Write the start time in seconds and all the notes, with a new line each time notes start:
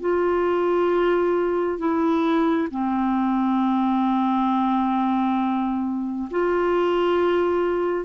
0.00 F4
1.79 E4
2.71 C4
6.31 F4